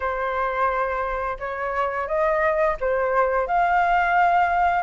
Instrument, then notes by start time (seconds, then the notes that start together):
flute
0.00 C5
1.39 C#5
2.07 D#5
2.80 C5
3.47 F5